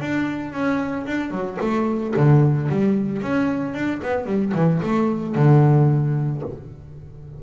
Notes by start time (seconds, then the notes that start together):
0.00 D4
0.53 C#4
1.07 D4
1.31 F#3
1.61 A3
2.16 D3
2.70 G3
3.22 C#4
3.74 D4
4.03 B3
4.26 G3
4.54 E3
4.83 A3
5.35 D3